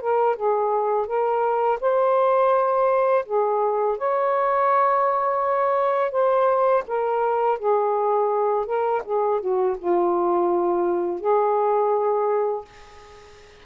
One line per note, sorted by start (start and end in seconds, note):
0.00 0.35 A#4
0.35 1.06 G#4
1.06 1.79 A#4
1.80 3.25 C5
3.25 3.98 G#4
3.98 6.11 C#5
6.11 6.83 C5
6.87 7.58 A#4
7.58 8.65 G#4
8.65 9.02 A#4
9.04 9.40 G#4
9.40 9.76 F#4
9.78 11.20 F4
11.20 12.65 G#4